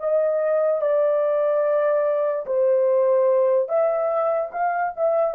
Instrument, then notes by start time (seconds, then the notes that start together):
horn
0.00 D#5
0.82 D5
2.47 C5
3.69 E5
4.52 F5
4.96 E5